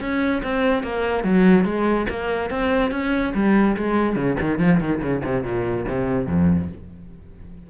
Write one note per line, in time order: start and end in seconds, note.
0.00 0.42 C#4
0.43 0.83 C4
0.83 1.23 A#3
1.23 1.64 F#3
1.64 2.06 G#3
2.09 2.50 A#3
2.50 2.91 C4
2.91 3.33 C#4
3.34 3.76 G3
3.76 4.15 G#3
4.15 4.36 C#3
4.40 4.58 D#3
4.58 4.79 F3
4.80 5.01 D#3
5.02 5.23 C#3
5.24 5.43 C3
5.43 5.85 A#2
5.89 6.27 C3
6.27 6.69 F2